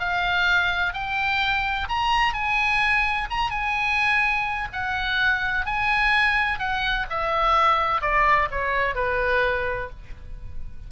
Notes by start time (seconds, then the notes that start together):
0.00 F5
0.94 G5
1.89 A#5
2.34 G#5
3.30 A#5
3.51 G#5
4.73 F#5
5.66 G#5
6.59 F#5
7.10 E5
8.02 D5
8.51 C#5
8.96 B4